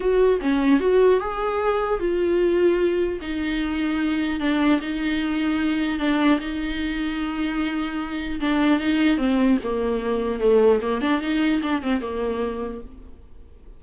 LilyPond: \new Staff \with { instrumentName = "viola" } { \time 4/4 \tempo 4 = 150 fis'4 cis'4 fis'4 gis'4~ | gis'4 f'2. | dis'2. d'4 | dis'2. d'4 |
dis'1~ | dis'4 d'4 dis'4 c'4 | ais2 a4 ais8 d'8 | dis'4 d'8 c'8 ais2 | }